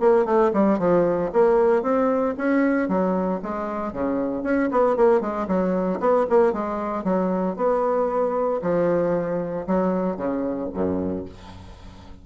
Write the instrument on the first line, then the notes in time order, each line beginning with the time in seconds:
bassoon
0.00 A#3
0.25 A3
0.53 G3
0.79 F3
1.33 A#3
1.83 C4
2.38 C#4
2.88 F#3
3.42 G#3
3.93 C#3
4.43 C#4
4.71 B3
4.96 A#3
5.21 G#3
5.48 F#3
6.00 B3
6.30 A#3
6.53 G#3
7.04 F#3
7.56 B3
8.62 F3
9.67 F#3
10.17 C#3
10.73 F#2